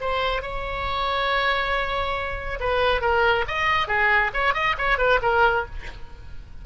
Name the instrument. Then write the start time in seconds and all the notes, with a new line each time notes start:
oboe
0.00 C5
0.42 C#5
2.60 B4
3.01 A#4
3.47 D#5
3.87 G#4
4.33 C#5
4.54 D#5
4.78 C#5
4.98 B4
5.22 A#4